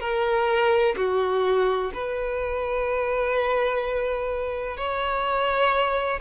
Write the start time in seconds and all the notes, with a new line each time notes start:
0.00 A#4
0.97 F#4
1.94 B4
4.77 C#5